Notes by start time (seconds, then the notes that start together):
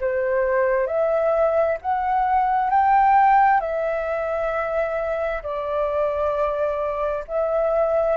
0.00 C5
0.86 E5
1.81 F#5
2.70 G5
3.60 E5
5.43 D5
7.27 E5